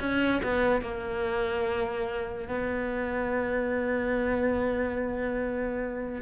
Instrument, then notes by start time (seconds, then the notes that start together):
cello
0.00 C#4
0.43 B3
0.82 A#3
2.49 B3